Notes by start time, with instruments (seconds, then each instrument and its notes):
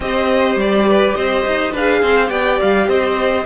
0.00 cello C4, viola G4, violin C5 D#5
0.56 cello G3, violin D5
0.88 violin B4
1.15 cello C4, violin C5 D#5
1.46 cello D#4
1.71 cello D4, viola G#4, violin B4 F5
2.01 cello C4, violin C5
2.27 cello B3, viola G4, violin D5 G5
2.61 cello G3, violin F5
2.87 cello C4, violin C5 D#5